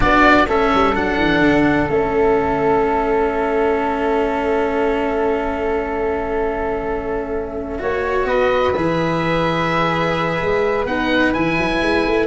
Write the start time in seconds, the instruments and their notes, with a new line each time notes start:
0.00 tuba B3, cello D4, flute F#4, oboe D5
0.46 tuba A3, cello C#4, flute A4, oboe E5
0.74 tuba G3
0.94 tuba F#3, cello D4, oboe F#5
1.17 tuba E3
1.40 tuba D3
1.88 tuba A3, cello C#4, oboe E5
7.78 tuba A#3, cello F#4, flute C#5
8.24 tuba B3, flute B4, oboe D#5
8.72 tuba E3, cello G#4, oboe E5
10.41 tuba G#3
10.85 tuba B3, cello D#4, oboe F#5
11.33 tuba E3, cello E4, oboe G#5
11.58 tuba F#3
11.81 tuba G#3
12.06 tuba A3